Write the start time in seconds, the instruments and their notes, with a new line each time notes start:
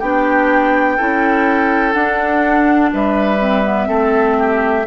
0.00 bassoon B3, clarinet D4, oboe G4, flute G5
0.97 bassoon C#4, clarinet E4, oboe A4
1.93 clarinet D4, bassoon D4, flute F#5
2.93 bassoon G3, oboe B4, flute E5
3.39 clarinet C4
3.64 clarinet B3
3.86 bassoon A3, clarinet C4, oboe A4
4.39 oboe G4